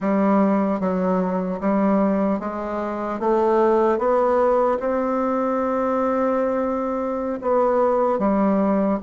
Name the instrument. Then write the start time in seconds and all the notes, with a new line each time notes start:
bassoon
0.00 G3
0.80 F#3
1.60 G3
2.39 G#3
3.19 A3
3.98 B3
4.79 C4
7.41 B3
8.18 G3